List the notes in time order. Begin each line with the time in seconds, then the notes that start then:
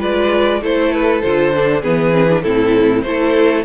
0.00 G#3 F4 B4 D5
0.62 A3 E4 A4 C5
0.93 B4
1.22 D3 F4 C5
1.56 D4
1.81 E3 B3 G#4 B4
2.12 C4
2.29 D4
2.43 A2 C4 E4 A4
3.02 A3 E4 A4 C5